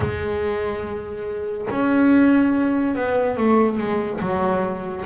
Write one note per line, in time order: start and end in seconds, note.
0.00 1.67 G#3
1.70 2.95 C#4
2.95 3.37 B3
3.37 3.78 A3
3.78 4.20 G#3
4.20 5.05 F#3